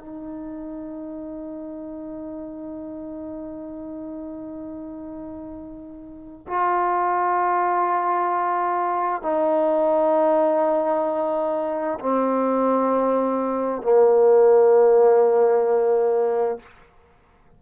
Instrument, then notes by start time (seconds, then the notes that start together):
trombone
0.00 D#4
6.48 F4
9.22 D#4
12.00 C4
13.82 A#3